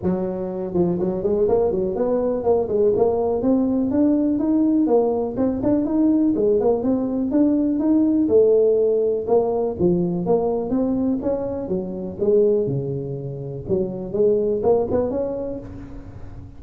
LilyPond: \new Staff \with { instrumentName = "tuba" } { \time 4/4 \tempo 4 = 123 fis4. f8 fis8 gis8 ais8 fis8 | b4 ais8 gis8 ais4 c'4 | d'4 dis'4 ais4 c'8 d'8 | dis'4 gis8 ais8 c'4 d'4 |
dis'4 a2 ais4 | f4 ais4 c'4 cis'4 | fis4 gis4 cis2 | fis4 gis4 ais8 b8 cis'4 | }